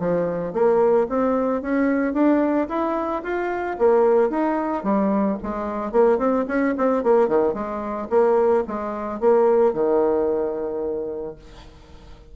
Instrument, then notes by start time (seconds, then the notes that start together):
bassoon
0.00 F3
0.53 A#3
1.09 C4
1.62 C#4
2.14 D4
2.69 E4
3.23 F4
3.79 A#3
4.30 D#4
4.84 G3
5.43 G#3
5.92 A#3
6.19 C4
6.48 C#4
6.78 C4
7.04 A#3
7.29 D#3
7.54 G#3
8.10 A#3
8.68 G#3
9.21 A#3
9.74 D#3